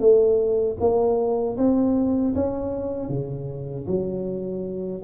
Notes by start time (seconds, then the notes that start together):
0.00 A3
0.80 A#3
1.58 C4
2.35 C#4
3.09 C#3
3.87 F#3